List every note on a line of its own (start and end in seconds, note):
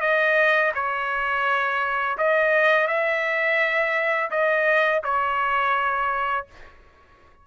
0.00 0.71 D#5
0.74 2.17 C#5
2.18 2.87 D#5
2.87 4.30 E5
4.30 5.02 D#5
5.04 6.46 C#5